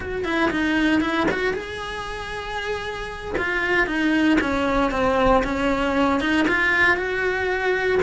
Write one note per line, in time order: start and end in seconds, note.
0.00 0.24 F#4
0.24 0.50 E4
0.50 1.00 D#4
1.00 1.26 E4
1.31 1.53 F#4
1.53 3.34 G#4
3.37 3.86 F4
3.86 4.38 D#4
4.41 4.91 C#4
4.91 5.43 C4
5.44 6.20 C#4
6.20 6.46 D#4
6.48 6.96 F4
6.96 8.00 F#4